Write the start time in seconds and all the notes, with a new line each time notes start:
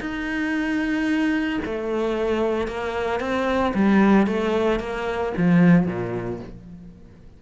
0.00 D#4
1.65 A3
2.67 A#3
3.20 C4
3.74 G3
4.27 A3
4.79 A#3
5.37 F3
5.87 A#2